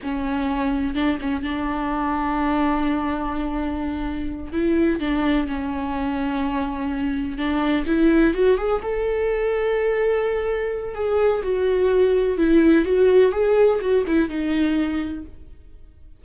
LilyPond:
\new Staff \with { instrumentName = "viola" } { \time 4/4 \tempo 4 = 126 cis'2 d'8 cis'8 d'4~ | d'1~ | d'4. e'4 d'4 cis'8~ | cis'2.~ cis'8 d'8~ |
d'8 e'4 fis'8 gis'8 a'4.~ | a'2. gis'4 | fis'2 e'4 fis'4 | gis'4 fis'8 e'8 dis'2 | }